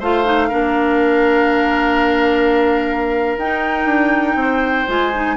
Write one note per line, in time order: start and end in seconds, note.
0.00 0.51 A3
0.00 0.25 F4
0.00 0.49 C5
0.00 3.39 F5
0.25 0.50 D#4
0.49 3.38 A#3
0.49 3.38 D4
0.49 4.36 A#4
3.38 3.86 D#4
3.38 4.88 D#4
3.38 4.89 G5
3.86 4.36 D4
4.36 4.86 C4
4.36 5.37 C5
4.88 5.37 G#3
4.88 5.13 F4
4.88 5.37 G#5
5.14 5.37 D#4